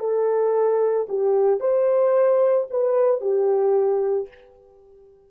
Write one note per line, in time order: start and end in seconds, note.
0.00 1.07 A4
1.09 1.60 G4
1.60 2.67 C5
2.70 3.21 B4
3.21 4.28 G4